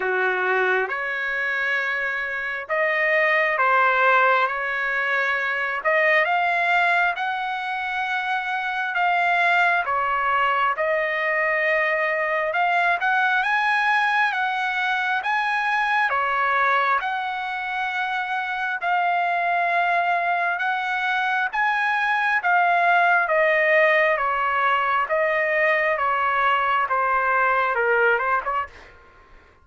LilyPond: \new Staff \with { instrumentName = "trumpet" } { \time 4/4 \tempo 4 = 67 fis'4 cis''2 dis''4 | c''4 cis''4. dis''8 f''4 | fis''2 f''4 cis''4 | dis''2 f''8 fis''8 gis''4 |
fis''4 gis''4 cis''4 fis''4~ | fis''4 f''2 fis''4 | gis''4 f''4 dis''4 cis''4 | dis''4 cis''4 c''4 ais'8 c''16 cis''16 | }